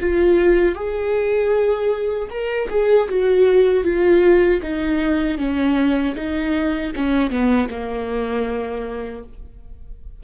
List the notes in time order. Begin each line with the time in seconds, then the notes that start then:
0.00 F4
0.75 G#4
2.30 A#4
2.70 G#4
3.09 F#4
3.84 F4
4.62 D#4
5.38 C#4
6.15 D#4
6.96 C#4
7.30 B3
7.70 A#3